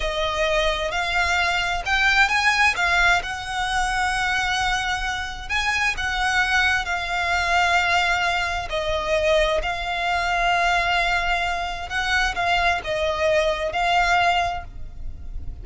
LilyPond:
\new Staff \with { instrumentName = "violin" } { \time 4/4 \tempo 4 = 131 dis''2 f''2 | g''4 gis''4 f''4 fis''4~ | fis''1 | gis''4 fis''2 f''4~ |
f''2. dis''4~ | dis''4 f''2.~ | f''2 fis''4 f''4 | dis''2 f''2 | }